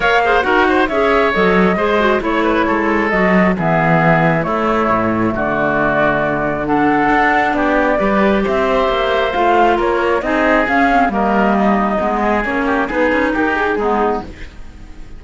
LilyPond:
<<
  \new Staff \with { instrumentName = "flute" } { \time 4/4 \tempo 4 = 135 f''4 fis''4 e''4 dis''4~ | dis''4 cis''2 dis''4 | e''2 cis''2 | d''2. fis''4~ |
fis''4 d''2 e''4~ | e''4 f''4 cis''4 dis''4 | f''4 dis''2. | cis''4 b'4 ais'8 gis'4. | }
  \new Staff \with { instrumentName = "oboe" } { \time 4/4 cis''8 c''8 ais'8 c''8 cis''2 | c''4 cis''8 b'8 a'2 | gis'2 e'2 | fis'2. a'4~ |
a'4 g'4 b'4 c''4~ | c''2 ais'4 gis'4~ | gis'4 ais'4 dis'4. gis'8~ | gis'8 g'8 gis'4 g'4 dis'4 | }
  \new Staff \with { instrumentName = "clarinet" } { \time 4/4 ais'8 gis'8 fis'4 gis'4 a'4 | gis'8 fis'8 e'2 fis'4 | b2 a2~ | a2. d'4~ |
d'2 g'2~ | g'4 f'2 dis'4 | cis'8 c'8 ais2 b4 | cis'4 dis'2 b4 | }
  \new Staff \with { instrumentName = "cello" } { \time 4/4 ais4 dis'4 cis'4 fis4 | gis4 a4 gis4 fis4 | e2 a4 a,4 | d1 |
d'4 b4 g4 c'4 | ais4 a4 ais4 c'4 | cis'4 g2 gis4 | ais4 b8 cis'8 dis'4 gis4 | }
>>